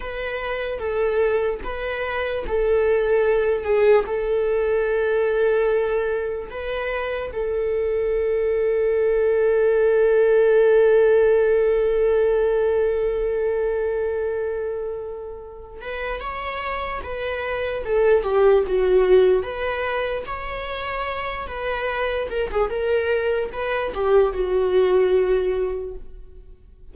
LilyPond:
\new Staff \with { instrumentName = "viola" } { \time 4/4 \tempo 4 = 74 b'4 a'4 b'4 a'4~ | a'8 gis'8 a'2. | b'4 a'2.~ | a'1~ |
a'2.~ a'8 b'8 | cis''4 b'4 a'8 g'8 fis'4 | b'4 cis''4. b'4 ais'16 gis'16 | ais'4 b'8 g'8 fis'2 | }